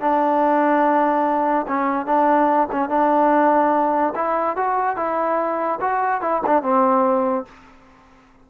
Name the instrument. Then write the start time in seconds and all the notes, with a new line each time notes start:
trombone
0.00 D4
1.67 C#4
2.06 D4
2.71 C#4
2.89 D4
4.15 E4
4.56 F#4
4.96 E4
5.80 F#4
6.21 E4
6.46 D4
6.62 C4